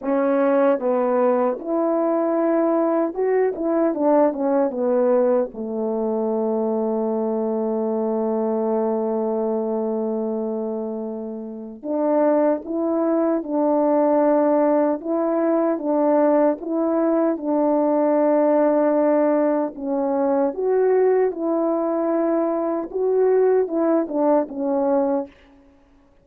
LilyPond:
\new Staff \with { instrumentName = "horn" } { \time 4/4 \tempo 4 = 76 cis'4 b4 e'2 | fis'8 e'8 d'8 cis'8 b4 a4~ | a1~ | a2. d'4 |
e'4 d'2 e'4 | d'4 e'4 d'2~ | d'4 cis'4 fis'4 e'4~ | e'4 fis'4 e'8 d'8 cis'4 | }